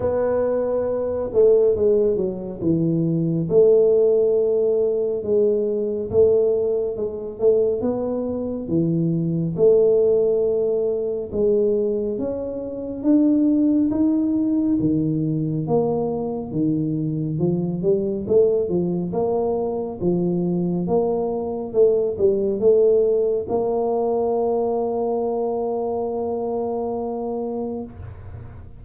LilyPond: \new Staff \with { instrumentName = "tuba" } { \time 4/4 \tempo 4 = 69 b4. a8 gis8 fis8 e4 | a2 gis4 a4 | gis8 a8 b4 e4 a4~ | a4 gis4 cis'4 d'4 |
dis'4 dis4 ais4 dis4 | f8 g8 a8 f8 ais4 f4 | ais4 a8 g8 a4 ais4~ | ais1 | }